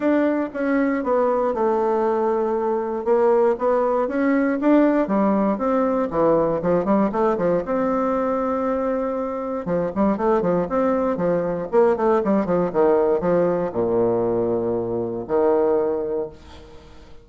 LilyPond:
\new Staff \with { instrumentName = "bassoon" } { \time 4/4 \tempo 4 = 118 d'4 cis'4 b4 a4~ | a2 ais4 b4 | cis'4 d'4 g4 c'4 | e4 f8 g8 a8 f8 c'4~ |
c'2. f8 g8 | a8 f8 c'4 f4 ais8 a8 | g8 f8 dis4 f4 ais,4~ | ais,2 dis2 | }